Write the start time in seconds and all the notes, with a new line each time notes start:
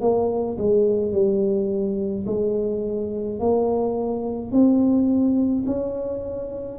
0.00 A#3
0.57 G#3
1.12 G3
2.26 G#3
3.39 A#3
4.51 C4
5.66 C#4